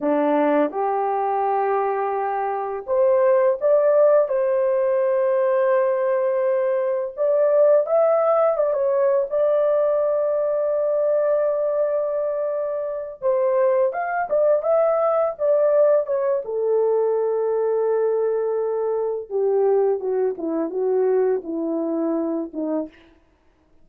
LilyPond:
\new Staff \with { instrumentName = "horn" } { \time 4/4 \tempo 4 = 84 d'4 g'2. | c''4 d''4 c''2~ | c''2 d''4 e''4 | d''16 cis''8. d''2.~ |
d''2~ d''8 c''4 f''8 | d''8 e''4 d''4 cis''8 a'4~ | a'2. g'4 | fis'8 e'8 fis'4 e'4. dis'8 | }